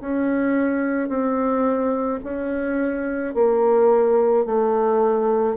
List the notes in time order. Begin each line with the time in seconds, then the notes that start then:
0.00 C#4
1.08 C4
2.24 C#4
3.34 A#3
4.45 A3